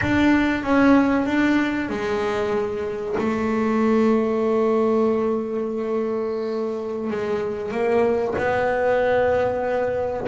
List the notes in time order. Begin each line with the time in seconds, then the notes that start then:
0.01 D4
0.63 C#4
1.26 D4
1.89 G#3
3.18 A3
7.10 G#3
7.71 A#3
8.37 B3